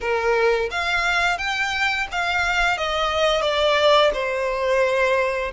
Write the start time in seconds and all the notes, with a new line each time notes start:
0.00 A#4
0.71 F5
1.38 G5
2.11 F5
2.77 D#5
3.41 D5
4.13 C5